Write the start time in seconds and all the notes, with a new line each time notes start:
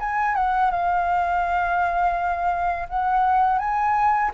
0.00 G#5
0.35 F#5
0.71 F5
2.89 F#5
3.59 G#5